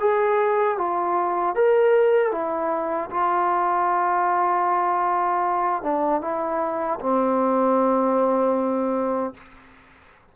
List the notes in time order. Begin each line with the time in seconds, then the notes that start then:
0.00 G#4
0.78 F4
1.55 A#4
2.32 E4
3.11 F4
5.83 D4
6.21 E4
7.00 C4